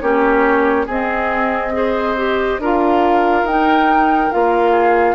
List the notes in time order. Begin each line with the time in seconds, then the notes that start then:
0.00 A#3 C#4 G4 C#5
0.86 C4 G#4 D#5
1.73 G#4 C5
2.16 G4
2.58 D4 F4 A#4
2.64 F5
3.43 D#4 G5
4.31 A#3 F4 F5
4.71 G#4